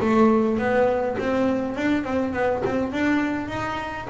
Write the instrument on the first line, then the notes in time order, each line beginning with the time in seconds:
double bass
0.00 A3
0.58 B3
1.18 C4
1.76 D4
2.04 C4
2.33 B3
2.65 C4
2.92 D4
3.48 D#4